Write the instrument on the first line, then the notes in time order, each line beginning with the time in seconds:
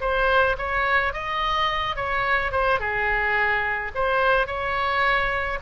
oboe
0.00 C5
0.58 C#5
1.13 D#5
1.96 C#5
2.51 C5
2.79 G#4
3.94 C5
4.46 C#5